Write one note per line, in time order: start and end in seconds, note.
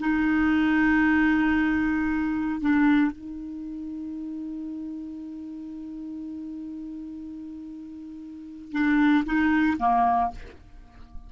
0.00 2.61 D#4
2.61 3.12 D4
3.12 8.72 D#4
8.72 9.24 D4
9.26 9.78 D#4
9.79 10.31 A#3